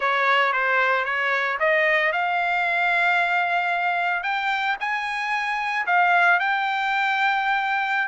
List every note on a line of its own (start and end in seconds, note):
0.00 0.52 C#5
0.52 1.04 C5
1.04 1.57 C#5
1.59 2.12 D#5
2.12 4.23 F5
4.23 4.76 G5
4.80 5.86 G#5
5.86 6.39 F5
6.39 8.08 G5